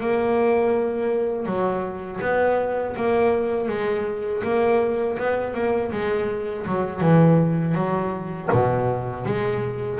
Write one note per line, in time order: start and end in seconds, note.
0.00 1.45 A#3
1.45 2.20 F#3
2.21 2.95 B3
2.96 3.68 A#3
3.68 4.42 G#3
4.43 5.17 A#3
5.18 5.54 B3
5.54 5.91 A#3
5.92 6.66 G#3
6.66 7.01 F#3
7.01 7.74 E3
7.74 8.48 F#3
8.52 9.25 B2
9.25 9.99 G#3